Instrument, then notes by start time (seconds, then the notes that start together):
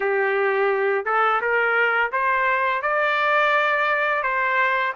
trumpet
0.00 G4
1.05 A4
1.41 A#4
2.12 C5
2.82 D5
4.22 C5